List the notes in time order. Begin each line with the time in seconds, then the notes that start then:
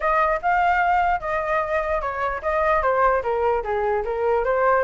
0.00 D#5
0.42 F5
1.20 D#5
2.01 C#5
2.42 D#5
2.82 C5
3.23 A#4
3.63 G#4
4.04 A#4
4.44 C5